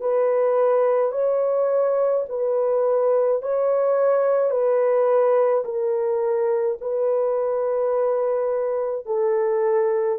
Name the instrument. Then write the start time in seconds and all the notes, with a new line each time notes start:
horn
0.00 B4
1.12 C#5
2.29 B4
3.42 C#5
4.50 B4
5.64 A#4
6.81 B4
9.06 A4